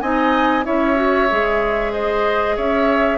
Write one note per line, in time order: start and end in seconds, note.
0.00 0.65 C4
0.00 0.63 D#4
0.00 0.65 D#5
0.00 0.64 G#5
0.63 1.30 C#4
0.63 0.95 E4
0.63 1.92 C#5
0.63 1.92 E5
0.95 1.27 F#4
1.30 2.57 G#3
1.30 3.18 G#4
1.92 2.56 C5
1.92 2.56 D#5
2.56 3.18 C#4
2.56 3.18 C#5
2.56 3.18 E5